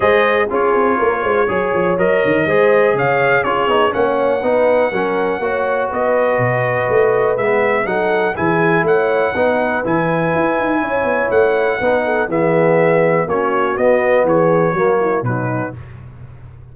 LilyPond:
<<
  \new Staff \with { instrumentName = "trumpet" } { \time 4/4 \tempo 4 = 122 dis''4 cis''2. | dis''2 f''4 cis''4 | fis''1 | dis''2. e''4 |
fis''4 gis''4 fis''2 | gis''2. fis''4~ | fis''4 e''2 cis''4 | dis''4 cis''2 b'4 | }
  \new Staff \with { instrumentName = "horn" } { \time 4/4 c''4 gis'4 ais'8 c''8 cis''4~ | cis''4 c''4 cis''4 gis'4 | cis''4 b'4 ais'4 cis''4 | b'1 |
a'4 gis'4 cis''4 b'4~ | b'2 cis''2 | b'8 a'8 gis'2 fis'4~ | fis'4 gis'4 fis'8 e'8 dis'4 | }
  \new Staff \with { instrumentName = "trombone" } { \time 4/4 gis'4 f'2 gis'4 | ais'4 gis'2 f'8 dis'8 | cis'4 dis'4 cis'4 fis'4~ | fis'2. b4 |
dis'4 e'2 dis'4 | e'1 | dis'4 b2 cis'4 | b2 ais4 fis4 | }
  \new Staff \with { instrumentName = "tuba" } { \time 4/4 gis4 cis'8 c'8 ais8 gis8 fis8 f8 | fis8 dis8 gis4 cis4 cis'8 b8 | ais4 b4 fis4 ais4 | b4 b,4 a4 gis4 |
fis4 e4 a4 b4 | e4 e'8 dis'8 cis'8 b8 a4 | b4 e2 ais4 | b4 e4 fis4 b,4 | }
>>